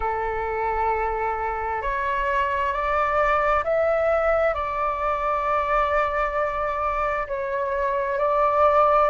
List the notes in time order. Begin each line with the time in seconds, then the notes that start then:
0.00 A4
1.82 C#5
2.72 D5
3.64 E5
4.54 D5
7.27 C#5
8.18 D5